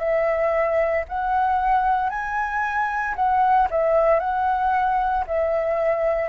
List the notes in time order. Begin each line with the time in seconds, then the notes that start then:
0.00 E5
1.09 F#5
2.10 G#5
3.16 F#5
3.71 E5
4.20 F#5
5.27 E5